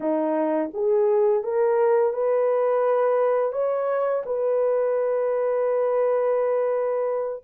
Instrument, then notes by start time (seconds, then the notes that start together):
horn
0.00 D#4
0.73 G#4
1.43 A#4
2.13 B4
3.52 C#5
4.25 B4